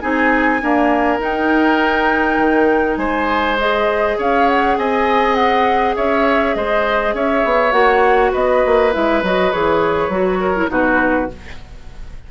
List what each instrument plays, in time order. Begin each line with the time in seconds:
0.00 bassoon C4, clarinet D#4, oboe G#4, flute G#5
0.62 clarinet A#3, bassoon D4, oboe A#4
1.19 clarinet D#4, bassoon D#4, flute G5
2.37 bassoon D#3
2.97 bassoon G#3, oboe C5, flute G#5
3.58 clarinet G#4, flute D#5
4.18 bassoon C#4, oboe C#5, flute F5
4.48 flute F#5
4.77 bassoon C4, oboe D#5, flute G#5
5.35 flute F#5
5.96 bassoon C#4, oboe C#5, flute E5
6.55 bassoon G#3, oboe C5, flute D#5
7.14 bassoon C#4, oboe C#5, flute E5
7.44 bassoon B3
7.72 bassoon A#3, clarinet F#4, flute F#5
8.32 bassoon B3, oboe B4, flute D#5
8.65 bassoon A#3
8.93 bassoon G#3, clarinet E4, flute E5
9.23 bassoon F#3, clarinet F#4, flute D#5
9.52 bassoon E3, clarinet G#4, flute C#5
10.09 bassoon F#3, clarinet F#4
10.40 oboe A#4
10.56 clarinet E4
10.68 bassoon B2, clarinet D#4, oboe F#4, flute B4